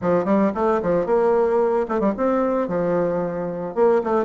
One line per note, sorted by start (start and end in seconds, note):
0.01 0.24 F3
0.24 0.51 G3
0.54 0.81 A3
0.82 1.06 F3
1.06 1.86 A#3
1.88 1.99 A3
1.99 2.13 G3
2.17 2.68 C4
2.68 3.75 F3
3.75 4.01 A#3
4.03 4.25 A3